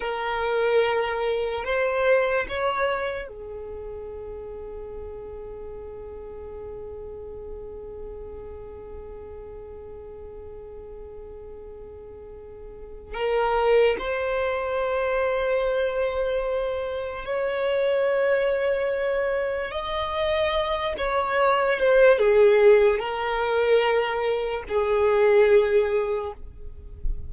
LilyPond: \new Staff \with { instrumentName = "violin" } { \time 4/4 \tempo 4 = 73 ais'2 c''4 cis''4 | gis'1~ | gis'1~ | gis'1 |
ais'4 c''2.~ | c''4 cis''2. | dis''4. cis''4 c''8 gis'4 | ais'2 gis'2 | }